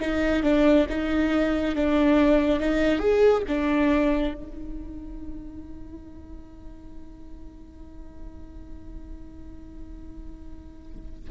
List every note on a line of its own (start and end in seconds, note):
0.00 0.43 D#4
0.43 0.86 D4
0.89 1.75 D#4
1.75 2.60 D4
2.60 2.99 D#4
2.99 3.42 G#4
3.47 4.34 D4
4.34 11.29 D#4